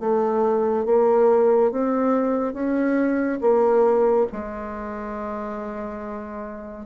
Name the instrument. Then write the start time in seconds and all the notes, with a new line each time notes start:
bassoon
0.00 A3
0.86 A#3
1.72 C4
2.54 C#4
3.41 A#3
4.32 G#3